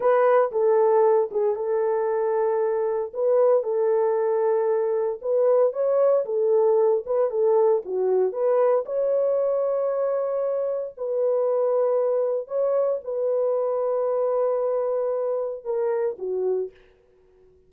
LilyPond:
\new Staff \with { instrumentName = "horn" } { \time 4/4 \tempo 4 = 115 b'4 a'4. gis'8 a'4~ | a'2 b'4 a'4~ | a'2 b'4 cis''4 | a'4. b'8 a'4 fis'4 |
b'4 cis''2.~ | cis''4 b'2. | cis''4 b'2.~ | b'2 ais'4 fis'4 | }